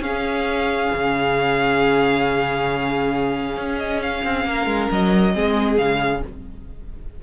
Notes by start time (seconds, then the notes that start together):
0.00 C#4 G#4 F5
0.94 C#3
3.56 C#4
3.78 D#5
4.02 F5
4.24 C4
4.45 A#3 A#4
4.66 G#3
4.91 F#3 D#5
5.33 G#3 C4 G#4
5.77 C#3 G#3 F5